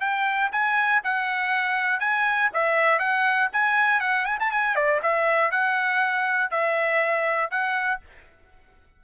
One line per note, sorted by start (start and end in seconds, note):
0.00 0.50 G5
0.52 1.02 G#5
1.04 2.00 F#5
2.00 2.50 G#5
2.53 2.99 E5
2.99 3.49 F#5
3.52 4.00 G#5
4.00 4.25 F#5
4.25 4.38 G#5
4.40 4.51 A5
4.51 4.75 G#5
4.75 5.00 D5
5.02 5.51 E5
5.51 6.50 F#5
6.50 7.50 E5
7.50 8.00 F#5